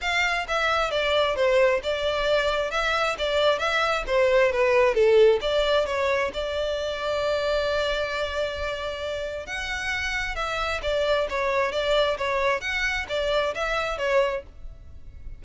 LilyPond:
\new Staff \with { instrumentName = "violin" } { \time 4/4 \tempo 4 = 133 f''4 e''4 d''4 c''4 | d''2 e''4 d''4 | e''4 c''4 b'4 a'4 | d''4 cis''4 d''2~ |
d''1~ | d''4 fis''2 e''4 | d''4 cis''4 d''4 cis''4 | fis''4 d''4 e''4 cis''4 | }